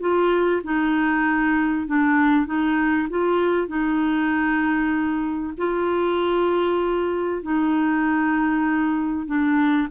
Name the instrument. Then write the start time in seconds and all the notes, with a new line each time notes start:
clarinet
0.00 F4
0.63 D#4
1.86 D4
2.46 D#4
3.09 F4
3.67 D#4
5.57 F4
7.42 D#4
9.26 D4